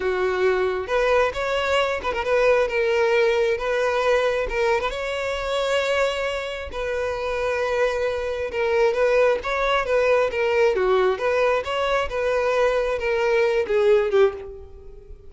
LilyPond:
\new Staff \with { instrumentName = "violin" } { \time 4/4 \tempo 4 = 134 fis'2 b'4 cis''4~ | cis''8 b'16 ais'16 b'4 ais'2 | b'2 ais'8. b'16 cis''4~ | cis''2. b'4~ |
b'2. ais'4 | b'4 cis''4 b'4 ais'4 | fis'4 b'4 cis''4 b'4~ | b'4 ais'4. gis'4 g'8 | }